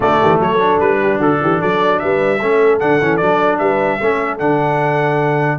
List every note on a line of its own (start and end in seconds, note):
0.00 0.17 D3
0.00 0.59 A3
0.00 0.19 F#4
0.00 0.40 D5
0.20 0.39 E3
0.20 0.40 G4
0.39 0.79 F#3
0.39 1.00 A4
0.39 0.80 C#5
0.59 2.39 D4
0.80 1.19 G3
0.80 1.20 B4
1.02 1.19 G4
1.19 1.39 D3
1.19 1.39 F#4
1.19 1.61 A4
1.41 1.61 E3
1.41 1.61 G4
1.61 2.02 F#3
1.61 2.01 A4
1.61 1.99 D5
1.99 2.41 G3
1.99 2.39 B4
1.99 2.79 E5
2.39 2.81 A3
2.39 2.80 C#4
2.39 3.59 A4
2.79 3.01 D3
2.79 3.00 D4
2.79 3.16 F#5
3.01 3.21 E3
3.01 3.20 C#4
3.16 3.59 F#3
3.16 4.00 D4
3.16 3.56 D5
3.58 3.99 G3
3.58 3.99 B4
3.58 4.38 E5
4.00 4.40 A3
4.00 4.39 C#4
4.00 5.58 A4
4.39 5.58 D3
4.39 5.58 D4
4.39 5.58 F#5